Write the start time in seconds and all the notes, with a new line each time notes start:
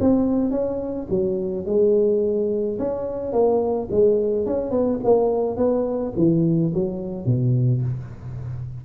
0.00 C4
0.50 C#4
1.10 F#3
1.65 G#3
2.78 C#4
3.32 A#3
3.90 G#3
4.46 C#4
4.71 B3
5.04 A#3
5.57 B3
6.16 E3
6.74 F#3
7.25 B2